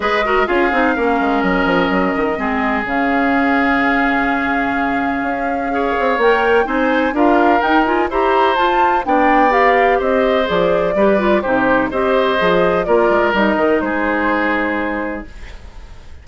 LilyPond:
<<
  \new Staff \with { instrumentName = "flute" } { \time 4/4 \tempo 4 = 126 dis''4 f''2 dis''4~ | dis''2 f''2~ | f''1~ | f''4 g''4 gis''4 f''4 |
g''8 gis''8 ais''4 a''4 g''4 | f''4 dis''4 d''2 | c''4 dis''2 d''4 | dis''4 c''2. | }
  \new Staff \with { instrumentName = "oboe" } { \time 4/4 b'8 ais'8 gis'4 ais'2~ | ais'4 gis'2.~ | gis'1 | cis''2 c''4 ais'4~ |
ais'4 c''2 d''4~ | d''4 c''2 b'4 | g'4 c''2 ais'4~ | ais'4 gis'2. | }
  \new Staff \with { instrumentName = "clarinet" } { \time 4/4 gis'8 fis'8 f'8 dis'8 cis'2~ | cis'4 c'4 cis'2~ | cis'1 | gis'4 ais'4 dis'4 f'4 |
dis'8 f'8 g'4 f'4 d'4 | g'2 gis'4 g'8 f'8 | dis'4 g'4 gis'4 f'4 | dis'1 | }
  \new Staff \with { instrumentName = "bassoon" } { \time 4/4 gis4 cis'8 c'8 ais8 gis8 fis8 f8 | fis8 dis8 gis4 cis2~ | cis2. cis'4~ | cis'8 c'8 ais4 c'4 d'4 |
dis'4 e'4 f'4 b4~ | b4 c'4 f4 g4 | c4 c'4 f4 ais8 gis8 | g8 dis8 gis2. | }
>>